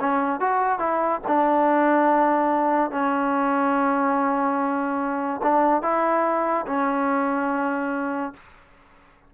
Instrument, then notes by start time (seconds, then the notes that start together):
trombone
0.00 C#4
0.40 F#4
0.79 E4
1.27 D4
2.91 C#4
5.42 D4
5.82 E4
6.66 C#4